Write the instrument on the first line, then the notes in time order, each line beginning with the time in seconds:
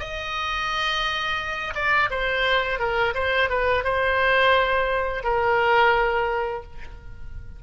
oboe
0.00 D#5
1.75 D5
2.11 C5
2.79 A#4
3.15 C5
3.49 B4
3.84 C5
5.24 A#4